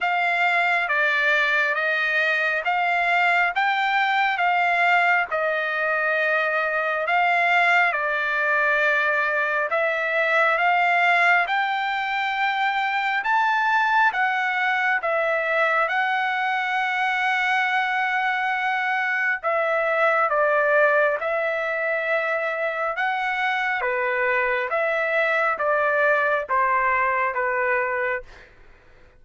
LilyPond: \new Staff \with { instrumentName = "trumpet" } { \time 4/4 \tempo 4 = 68 f''4 d''4 dis''4 f''4 | g''4 f''4 dis''2 | f''4 d''2 e''4 | f''4 g''2 a''4 |
fis''4 e''4 fis''2~ | fis''2 e''4 d''4 | e''2 fis''4 b'4 | e''4 d''4 c''4 b'4 | }